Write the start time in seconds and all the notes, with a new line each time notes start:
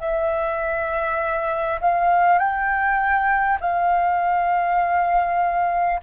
0.00 E5
1.81 F5
2.38 G5
3.61 F5